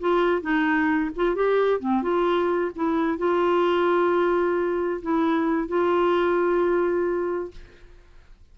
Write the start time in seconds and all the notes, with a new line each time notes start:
0.00 F4
0.42 D#4
1.16 F4
1.35 G4
1.80 C4
2.03 F4
2.75 E4
3.18 F4
5.02 E4
5.68 F4